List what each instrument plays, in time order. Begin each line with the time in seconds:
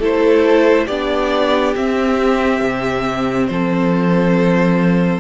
0.00 cello A3, viola E4, violin A4 C5
0.86 cello B3, viola D4, violin G4 D5
1.76 viola C4, cello C4, violin E5
2.61 cello C3
3.47 cello F3, violin A4 C5